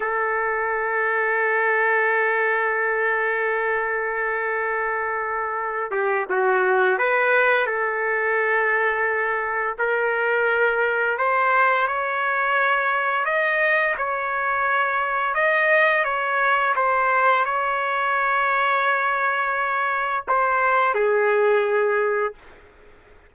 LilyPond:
\new Staff \with { instrumentName = "trumpet" } { \time 4/4 \tempo 4 = 86 a'1~ | a'1~ | a'8 g'8 fis'4 b'4 a'4~ | a'2 ais'2 |
c''4 cis''2 dis''4 | cis''2 dis''4 cis''4 | c''4 cis''2.~ | cis''4 c''4 gis'2 | }